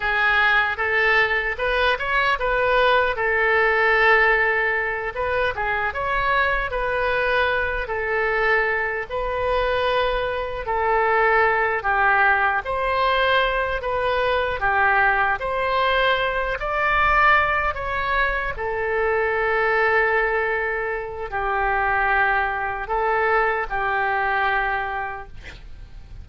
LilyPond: \new Staff \with { instrumentName = "oboe" } { \time 4/4 \tempo 4 = 76 gis'4 a'4 b'8 cis''8 b'4 | a'2~ a'8 b'8 gis'8 cis''8~ | cis''8 b'4. a'4. b'8~ | b'4. a'4. g'4 |
c''4. b'4 g'4 c''8~ | c''4 d''4. cis''4 a'8~ | a'2. g'4~ | g'4 a'4 g'2 | }